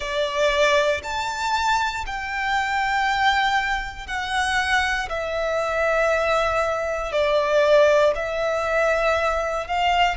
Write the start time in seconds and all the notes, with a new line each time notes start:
0.00 D5
1.03 A5
2.06 G5
4.07 F#5
5.08 E5
7.12 D5
8.14 E5
9.67 F5